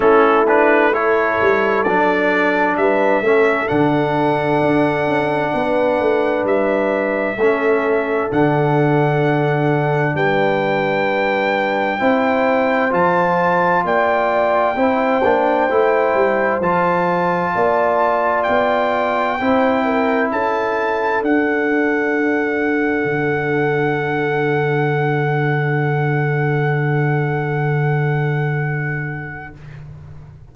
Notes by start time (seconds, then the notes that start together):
0.00 A3 C#4 E4 A4
0.47 D4 B4
0.92 E4 A4 C#5
1.40 G3
1.83 F#3 D4 D5
2.76 G3 B4 E5
3.21 A3 C#4 A4
3.67 D3 D4 F#5
4.61 D4
5.06 C#4
5.53 B3 B4
5.99 A3
6.44 G3 E5
7.36 A3 C#4 A4
8.30 D3 D4 F#5
10.14 G3 B4 G5
11.97 C4 E4 C5
12.90 F3 F4 A5
13.84 A#3 D5 G5
14.76 C4 E4 C5
15.23 A#3 D4
15.69 A3 E4
16.14 G3
16.60 F3 F4 A5
17.55 A#3 D5
18.43 B3 G5
19.39 C4 E4 C5
19.84 A#4
20.31 C#4 A4 A5
21.22 D4 F#5
23.04 D3